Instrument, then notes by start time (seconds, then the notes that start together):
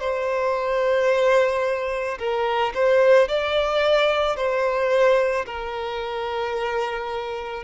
violin
0.00 C5
2.19 A#4
2.75 C5
3.28 D5
4.36 C5
5.46 A#4